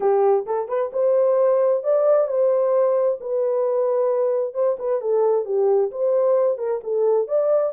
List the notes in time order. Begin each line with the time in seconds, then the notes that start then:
0.00 G4
0.46 A4
0.68 B4
0.92 C5
1.83 D5
2.27 C5
3.20 B4
4.54 C5
4.78 B4
5.01 A4
5.45 G4
5.91 C5
6.58 A#4
6.83 A4
7.27 D5